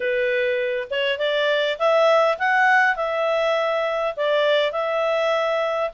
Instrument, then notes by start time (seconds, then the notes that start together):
clarinet
0.00 B4
0.90 C#5
1.18 D5
1.78 E5
2.38 F#5
2.96 E5
4.16 D5
4.72 E5